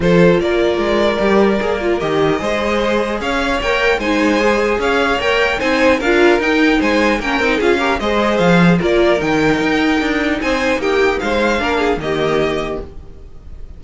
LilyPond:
<<
  \new Staff \with { instrumentName = "violin" } { \time 4/4 \tempo 4 = 150 c''4 d''2.~ | d''4 dis''2. | f''4 g''4 gis''2 | f''4 g''4 gis''4 f''4 |
g''4 gis''4 g''4 f''4 | dis''4 f''4 d''4 g''4~ | g''2 gis''4 g''4 | f''2 dis''2 | }
  \new Staff \with { instrumentName = "violin" } { \time 4/4 a'4 ais'2.~ | ais'2 c''2 | cis''2 c''2 | cis''2 c''4 ais'4~ |
ais'4 c''4 ais'4 gis'8 ais'8 | c''2 ais'2~ | ais'2 c''4 g'4 | c''4 ais'8 gis'8 g'2 | }
  \new Staff \with { instrumentName = "viola" } { \time 4/4 f'2. g'4 | gis'8 f'8 g'4 gis'2~ | gis'4 ais'4 dis'4 gis'4~ | gis'4 ais'4 dis'4 f'4 |
dis'2 cis'8 dis'8 f'8 g'8 | gis'2 f'4 dis'4~ | dis'1~ | dis'4 d'4 ais2 | }
  \new Staff \with { instrumentName = "cello" } { \time 4/4 f4 ais4 gis4 g4 | ais4 dis4 gis2 | cis'4 ais4 gis2 | cis'4 ais4 c'4 d'4 |
dis'4 gis4 ais8 c'8 cis'4 | gis4 f4 ais4 dis4 | dis'4 d'4 c'4 ais4 | gis4 ais4 dis2 | }
>>